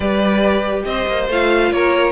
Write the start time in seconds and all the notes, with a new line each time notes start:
0.00 G3 G4 B4 D5
0.84 C4 C5 D#5
1.07 A#3
1.28 A3 F4 F5
1.71 A#3 A#4 C#5